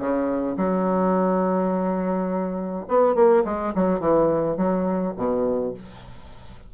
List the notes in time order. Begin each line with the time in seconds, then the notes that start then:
0.00 C#3
0.57 F#3
2.89 B3
3.15 A#3
3.45 G#3
3.75 F#3
4.00 E3
4.57 F#3
5.17 B2